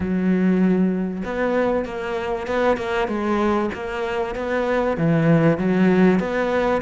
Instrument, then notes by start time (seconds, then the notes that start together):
cello
0.00 F#3
1.24 B3
1.85 A#3
2.47 B3
2.77 A#3
3.08 G#3
3.74 A#3
4.35 B3
4.97 E3
5.58 F#3
6.19 B3